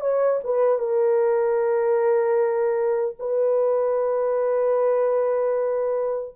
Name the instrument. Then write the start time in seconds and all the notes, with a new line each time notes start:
horn
0.00 C#5
0.43 B4
0.78 A#4
3.18 B4